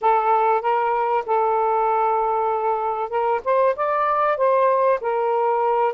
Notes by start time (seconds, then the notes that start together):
0.01 A4
0.61 A#4
1.26 A4
3.09 A#4
3.44 C5
3.76 D5
4.37 C5
5.01 A#4